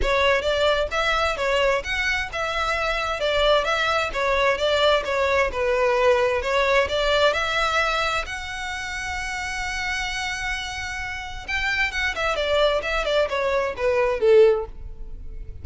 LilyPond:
\new Staff \with { instrumentName = "violin" } { \time 4/4 \tempo 4 = 131 cis''4 d''4 e''4 cis''4 | fis''4 e''2 d''4 | e''4 cis''4 d''4 cis''4 | b'2 cis''4 d''4 |
e''2 fis''2~ | fis''1~ | fis''4 g''4 fis''8 e''8 d''4 | e''8 d''8 cis''4 b'4 a'4 | }